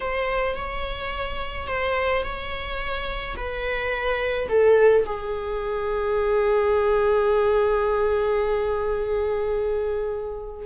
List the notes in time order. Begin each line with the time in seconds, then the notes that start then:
0.00 C5
0.55 C#5
1.67 C5
2.23 C#5
3.36 B4
4.49 A4
5.05 G#4